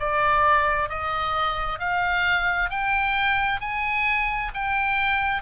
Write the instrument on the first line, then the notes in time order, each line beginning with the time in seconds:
oboe
0.00 D5
0.90 D#5
1.79 F5
2.70 G5
3.61 G#5
4.54 G5